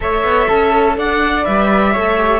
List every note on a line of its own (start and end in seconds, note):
0.00 0.23 A3
0.00 1.43 A4
0.00 0.48 C#5
0.00 0.98 E5
0.23 0.47 B3
0.48 0.97 C#4
0.48 0.96 A4
0.97 1.45 D4
0.97 1.92 D5
0.97 1.44 F#5
1.43 1.95 G3
1.43 1.91 B4
1.43 2.40 E5
1.92 2.40 A3
1.92 2.17 A4
1.92 2.40 C#5
2.17 2.40 G4